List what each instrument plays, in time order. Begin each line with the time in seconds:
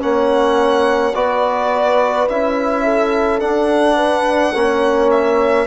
0.00 bassoon A#3, trombone C#4, horn C#5, violin F#5
1.14 bassoon B3, trombone F#4, horn B4, violin D5
2.29 bassoon C#4, trombone E4, violin E5
2.84 horn A4
3.40 trombone D4, bassoon D4, violin F#5
3.96 horn B4
4.55 bassoon A#3, trombone C#4, horn C#5
5.11 violin E5